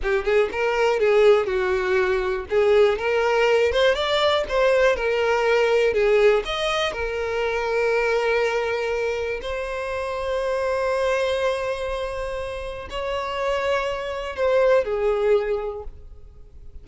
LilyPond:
\new Staff \with { instrumentName = "violin" } { \time 4/4 \tempo 4 = 121 g'8 gis'8 ais'4 gis'4 fis'4~ | fis'4 gis'4 ais'4. c''8 | d''4 c''4 ais'2 | gis'4 dis''4 ais'2~ |
ais'2. c''4~ | c''1~ | c''2 cis''2~ | cis''4 c''4 gis'2 | }